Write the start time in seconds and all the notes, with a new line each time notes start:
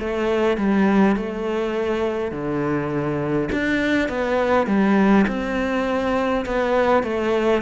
0.00 A3
0.57 G3
1.16 A3
2.32 D3
3.52 D4
4.09 B3
4.67 G3
5.28 C4
6.46 B3
7.03 A3